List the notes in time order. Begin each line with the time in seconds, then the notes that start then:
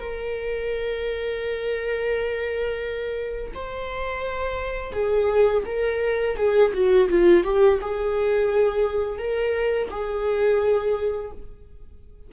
0.00 A#4
3.55 C5
4.93 G#4
5.66 A#4
6.37 G#4
6.74 F#4
7.10 F4
7.44 G4
7.82 G#4
9.19 A#4
9.91 G#4